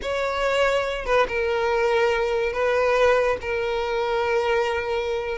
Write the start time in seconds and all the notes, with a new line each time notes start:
0.01 C#5
1.05 B4
1.28 A#4
2.52 B4
3.41 A#4